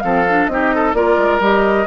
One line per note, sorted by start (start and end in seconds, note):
0.00 0.47 F3
0.00 0.25 C4
0.00 0.50 A4
0.00 0.47 F5
0.28 0.50 D4
0.47 0.93 C4
0.47 0.94 D#4
0.47 0.75 G4
0.47 0.93 D#5
0.75 0.96 A4
0.93 1.17 A#3
0.93 1.41 F4
0.93 1.87 A#4
0.93 1.40 D5
1.17 1.40 G#3
1.40 1.86 G3
1.40 1.87 G4
1.40 1.87 D#5